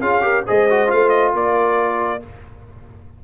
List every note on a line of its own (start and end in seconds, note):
0.00 0.44 C#4
0.00 0.21 F4
0.00 0.23 G#4
0.00 0.44 F5
0.21 0.43 G4
0.21 0.45 A#4
0.46 0.92 G#3
0.46 0.68 G#4
0.46 1.34 C5
0.46 0.90 D#5
0.70 0.87 F#4
0.87 1.34 A3
0.87 2.19 F4
0.87 1.09 F5
1.09 1.31 D#5
1.34 2.22 A#3
1.34 2.24 A#4
1.34 2.24 D5